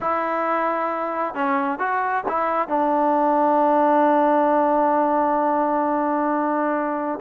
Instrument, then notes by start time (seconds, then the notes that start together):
trombone
0.01 E4
1.34 C#4
1.79 F#4
2.28 E4
2.68 D4